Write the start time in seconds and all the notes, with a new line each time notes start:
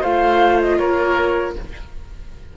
0.00 A3 F4 C5 F5
0.61 D#5
0.78 A#3 A#4 C#5